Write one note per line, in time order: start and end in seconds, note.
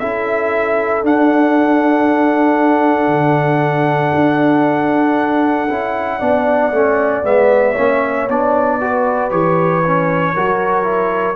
0.00 1.03 C#4
0.00 1.03 E4
0.00 6.19 A4
0.00 1.03 E5
1.03 5.69 D4
1.03 3.08 D4
1.03 7.26 F#5
3.08 4.11 D3
4.15 5.69 D4
5.69 6.21 C#4
5.69 6.20 E4
6.19 6.72 B3
6.19 6.72 D4
6.19 7.73 D5
6.72 7.23 A3
6.72 7.23 C#4
7.23 7.76 G#3
7.23 7.75 B3
7.23 8.29 E5
7.73 8.28 A#3
7.73 8.29 C#4
7.73 8.77 C#5
8.28 9.31 B3
8.28 8.81 D4
8.28 9.31 D5
8.81 9.31 F#4
8.81 10.34 B4
9.31 10.35 E3
9.31 9.83 G4
9.31 11.36 C#5
9.86 10.36 C#4
10.34 11.36 F#3
10.34 10.83 F#4
10.34 11.36 A#4
10.83 11.35 E4